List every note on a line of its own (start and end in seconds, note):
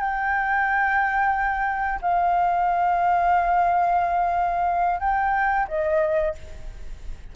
0.00 2.00 G5
2.02 5.00 F5
5.00 5.67 G5
5.68 6.35 D#5